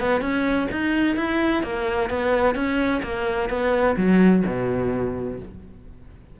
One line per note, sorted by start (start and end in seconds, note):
0.00 0.21 B3
0.21 0.68 C#4
0.72 1.16 D#4
1.16 1.63 E4
1.63 2.10 A#3
2.10 2.55 B3
2.55 3.02 C#4
3.03 3.49 A#3
3.49 3.96 B3
3.97 4.44 F#3
4.47 5.40 B2